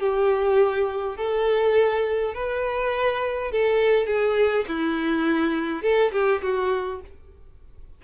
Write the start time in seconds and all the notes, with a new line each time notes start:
0.00 G4
1.17 A4
2.34 B4
3.52 A4
4.07 G#4
4.68 E4
5.83 A4
6.13 G4
6.43 F#4